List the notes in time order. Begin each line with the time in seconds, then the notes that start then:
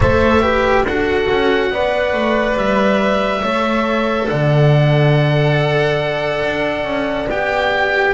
0.00 A3 A4 C5 E5
0.41 G4 B4
0.83 D4 F#4 A4 F#5
1.29 C#4
1.70 B3 B4 D5
2.13 A3
2.56 G3 E5
3.42 A3 A4 C#5
4.28 D3 D5 F#5
6.44 D4
6.83 C#4
7.28 B3 G4 G5